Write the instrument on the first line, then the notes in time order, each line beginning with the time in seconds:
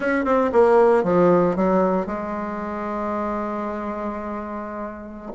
bassoon
0.00 C#4
0.24 C4
0.52 A#3
1.03 F3
1.56 F#3
2.06 G#3